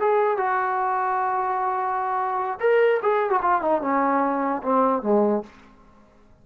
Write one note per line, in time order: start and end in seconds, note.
0.00 0.37 G#4
0.37 2.59 F#4
2.60 3.00 A#4
3.02 3.30 G#4
3.30 3.40 F#4
3.42 3.61 F4
3.61 3.81 D#4
3.81 4.62 C#4
4.63 5.02 C4
5.02 5.43 G#3